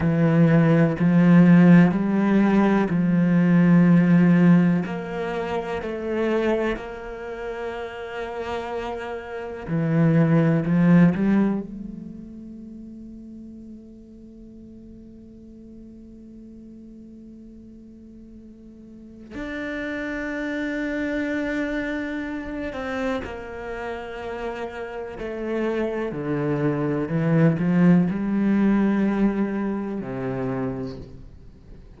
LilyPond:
\new Staff \with { instrumentName = "cello" } { \time 4/4 \tempo 4 = 62 e4 f4 g4 f4~ | f4 ais4 a4 ais4~ | ais2 e4 f8 g8 | a1~ |
a1 | d'2.~ d'8 c'8 | ais2 a4 d4 | e8 f8 g2 c4 | }